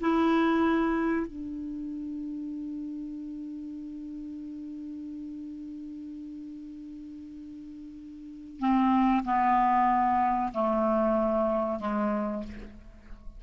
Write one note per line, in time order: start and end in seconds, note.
0.00 1.27 E4
1.27 8.59 D4
8.59 9.23 C4
9.24 10.51 B3
10.53 11.79 A3
11.79 12.43 G#3